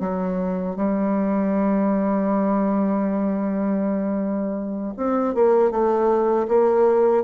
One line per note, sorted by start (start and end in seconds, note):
0.00 0.76 F#3
0.76 4.94 G3
4.97 5.34 C4
5.34 5.71 A#3
5.71 6.47 A3
6.48 7.24 A#3